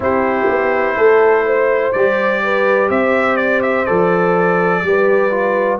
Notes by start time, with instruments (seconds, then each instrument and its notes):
0.00 tuba C4, trombone E4, horn G4, trumpet C5
0.48 tuba B3
0.96 tuba A3, horn A4
1.46 horn C5
1.92 tuba G3, trombone G4, trumpet D5
2.43 horn B4
2.89 tuba C4, horn C5, trumpet E5
3.36 trumpet D5
3.62 trumpet E5
3.85 tuba F3, trombone A4, trumpet D5
4.82 tuba G3, trombone G4, horn B4
5.30 trombone F4